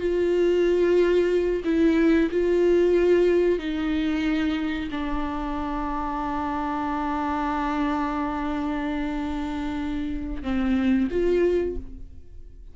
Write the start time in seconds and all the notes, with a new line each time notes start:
0.00 F4
1.65 E4
2.31 F4
3.59 D#4
4.92 D4
10.43 C4
11.11 F4